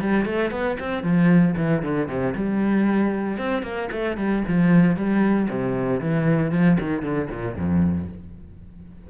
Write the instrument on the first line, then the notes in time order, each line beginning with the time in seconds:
cello
0.00 G3
0.25 A3
0.51 B3
0.79 C4
1.03 F3
1.57 E3
1.82 D3
2.08 C3
2.35 G3
3.38 C4
3.63 A#3
3.92 A3
4.17 G3
4.47 F3
4.96 G3
5.49 C3
6.00 E3
6.51 F3
6.79 D#3
7.02 D3
7.30 A#2
7.56 F2